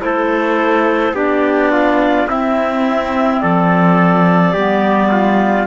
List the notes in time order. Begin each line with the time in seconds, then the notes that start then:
0.00 A3 E4 A4 C5
1.13 B3 D4 G4 D5
1.71 F4
2.28 C4 E4 E5
3.40 F3 A4 D5
4.53 G3 B3 G4
5.12 F4